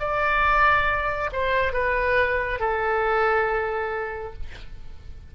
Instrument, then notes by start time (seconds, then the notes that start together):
oboe
0.00 D5
1.33 C5
1.73 B4
2.60 A4